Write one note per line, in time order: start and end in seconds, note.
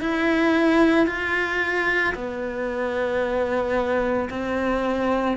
0.00 1.07 E4
1.07 2.14 F4
2.15 4.29 B3
4.30 5.37 C4